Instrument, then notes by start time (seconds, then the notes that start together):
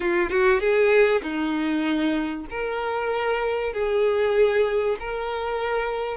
violin
0.00 F4
0.30 F#4
0.60 G#4
1.22 D#4
2.49 A#4
3.73 G#4
4.99 A#4